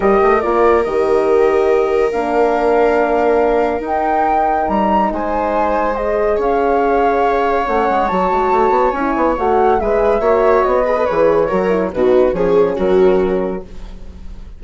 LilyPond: <<
  \new Staff \with { instrumentName = "flute" } { \time 4/4 \tempo 4 = 141 dis''4 d''4 dis''2~ | dis''4 f''2.~ | f''4 g''2 ais''4 | gis''2 dis''4 f''4~ |
f''2 fis''4 a''4~ | a''4 gis''4 fis''4 e''4~ | e''4 dis''4 cis''2 | b'4 cis''4 ais'2 | }
  \new Staff \with { instrumentName = "viola" } { \time 4/4 ais'1~ | ais'1~ | ais'1 | c''2. cis''4~ |
cis''1~ | cis''2. b'4 | cis''4. b'4. ais'4 | fis'4 gis'4 fis'2 | }
  \new Staff \with { instrumentName = "horn" } { \time 4/4 g'4 f'4 g'2~ | g'4 d'2.~ | d'4 dis'2.~ | dis'2 gis'2~ |
gis'2 cis'4 fis'4~ | fis'4 e'4 fis'4 gis'4 | fis'4. gis'16 a'16 gis'4 fis'8 e'8 | dis'4 cis'2. | }
  \new Staff \with { instrumentName = "bassoon" } { \time 4/4 g8 a8 ais4 dis2~ | dis4 ais2.~ | ais4 dis'2 g4 | gis2. cis'4~ |
cis'2 a8 gis8 fis8 gis8 | a8 b8 cis'8 b8 a4 gis4 | ais4 b4 e4 fis4 | b,4 f4 fis2 | }
>>